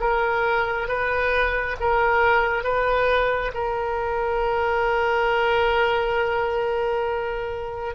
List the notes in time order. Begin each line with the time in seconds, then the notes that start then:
0.00 A#4
0.88 B4
1.80 A#4
2.63 B4
3.54 A#4